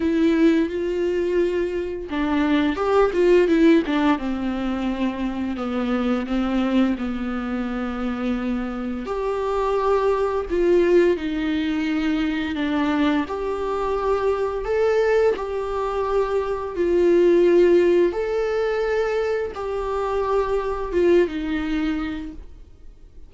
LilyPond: \new Staff \with { instrumentName = "viola" } { \time 4/4 \tempo 4 = 86 e'4 f'2 d'4 | g'8 f'8 e'8 d'8 c'2 | b4 c'4 b2~ | b4 g'2 f'4 |
dis'2 d'4 g'4~ | g'4 a'4 g'2 | f'2 a'2 | g'2 f'8 dis'4. | }